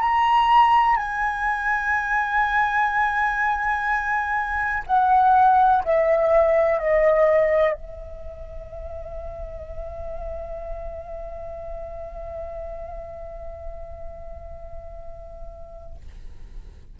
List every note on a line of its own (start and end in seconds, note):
0.00 0.96 A#5
0.96 4.83 G#5
4.87 5.83 F#5
5.84 6.79 E5
6.79 7.73 D#5
7.73 15.96 E5